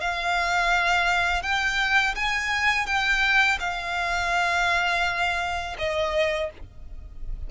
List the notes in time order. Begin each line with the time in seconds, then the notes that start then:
0.00 F5
1.42 G5
2.15 G#5
2.86 G5
3.59 F5
5.78 D#5